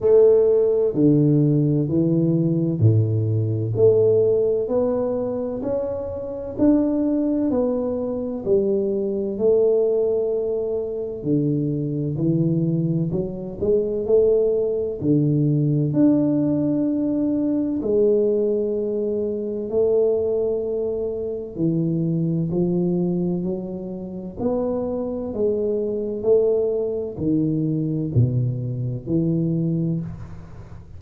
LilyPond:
\new Staff \with { instrumentName = "tuba" } { \time 4/4 \tempo 4 = 64 a4 d4 e4 a,4 | a4 b4 cis'4 d'4 | b4 g4 a2 | d4 e4 fis8 gis8 a4 |
d4 d'2 gis4~ | gis4 a2 e4 | f4 fis4 b4 gis4 | a4 dis4 b,4 e4 | }